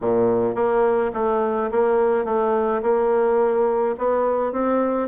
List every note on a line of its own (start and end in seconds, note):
0.01 0.55 A#2
0.55 1.11 A#3
1.13 1.70 A3
1.71 2.25 A#3
2.25 2.81 A3
2.82 3.95 A#3
3.98 4.52 B3
4.52 5.08 C4